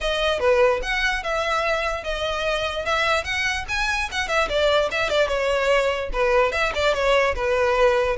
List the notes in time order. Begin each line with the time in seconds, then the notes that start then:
0.00 D#5
0.39 B4
0.82 F#5
1.23 E5
2.03 D#5
2.85 E5
3.24 F#5
3.68 G#5
4.11 F#5
4.28 E5
4.48 D5
4.91 E5
5.09 D5
5.28 C#5
6.12 B4
6.52 E5
6.75 D5
6.94 C#5
7.35 B4